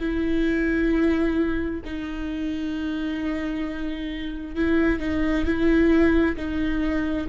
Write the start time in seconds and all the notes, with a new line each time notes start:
0.00 E4
1.85 D#4
4.56 E4
5.00 D#4
5.46 E4
6.37 D#4